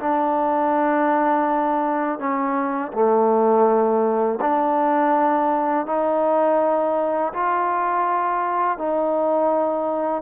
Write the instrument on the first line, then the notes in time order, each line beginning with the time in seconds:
trombone
0.00 D4
2.19 C#4
2.93 A3
4.41 D4
5.87 D#4
7.33 F4
8.78 D#4